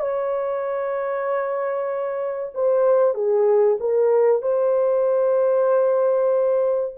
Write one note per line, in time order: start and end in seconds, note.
0.00 2.53 C#5
2.54 3.14 C5
3.14 3.78 G#4
3.80 4.42 A#4
4.42 6.94 C5